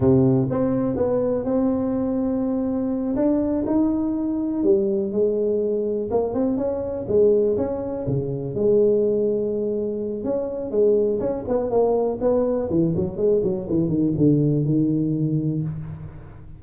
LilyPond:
\new Staff \with { instrumentName = "tuba" } { \time 4/4 \tempo 4 = 123 c4 c'4 b4 c'4~ | c'2~ c'8 d'4 dis'8~ | dis'4. g4 gis4.~ | gis8 ais8 c'8 cis'4 gis4 cis'8~ |
cis'8 cis4 gis2~ gis8~ | gis4 cis'4 gis4 cis'8 b8 | ais4 b4 e8 fis8 gis8 fis8 | e8 dis8 d4 dis2 | }